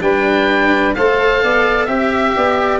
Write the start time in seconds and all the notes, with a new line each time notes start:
0.00 G3 D4 B4 G5
0.95 A3 A4 C5 F5
1.43 B3 D5
1.85 C4 G4 E5
2.35 B3 D5